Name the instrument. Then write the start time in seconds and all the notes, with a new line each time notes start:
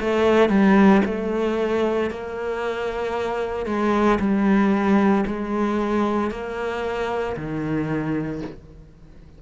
cello
0.00 A3
0.49 G3
1.05 A3
2.11 A#3
3.66 G#3
4.20 G3
5.26 G#3
6.31 A#3
7.36 D#3